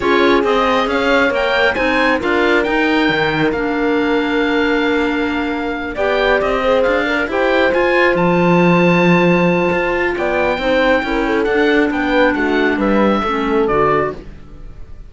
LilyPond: <<
  \new Staff \with { instrumentName = "oboe" } { \time 4/4 \tempo 4 = 136 cis''4 dis''4 f''4 g''4 | gis''4 f''4 g''2 | f''1~ | f''4. g''4 dis''4 f''8~ |
f''8 g''4 gis''4 a''4.~ | a''2. g''4~ | g''2 fis''4 g''4 | fis''4 e''2 d''4 | }
  \new Staff \with { instrumentName = "horn" } { \time 4/4 gis'2 cis''2 | c''4 ais'2.~ | ais'1~ | ais'4. d''4. c''4 |
ais'8 c''2.~ c''8~ | c''2. d''4 | c''4 ais'8 a'4. b'4 | fis'4 b'4 a'2 | }
  \new Staff \with { instrumentName = "clarinet" } { \time 4/4 f'4 gis'2 ais'4 | dis'4 f'4 dis'2 | d'1~ | d'4. g'4. gis'4 |
ais'8 g'4 f'2~ f'8~ | f'1 | dis'4 e'4 d'2~ | d'2 cis'4 fis'4 | }
  \new Staff \with { instrumentName = "cello" } { \time 4/4 cis'4 c'4 cis'4 ais4 | c'4 d'4 dis'4 dis4 | ais1~ | ais4. b4 c'4 d'8~ |
d'8 e'4 f'4 f4.~ | f2 f'4 b4 | c'4 cis'4 d'4 b4 | a4 g4 a4 d4 | }
>>